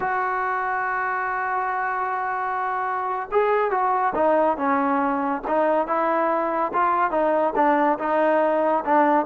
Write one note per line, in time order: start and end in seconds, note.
0.00 3.29 F#4
3.31 3.70 G#4
3.70 4.13 F#4
4.15 4.57 D#4
4.57 5.42 C#4
5.47 5.87 D#4
5.87 6.72 E4
6.73 7.10 F4
7.10 7.53 D#4
7.55 7.98 D4
7.99 8.84 D#4
8.85 9.26 D4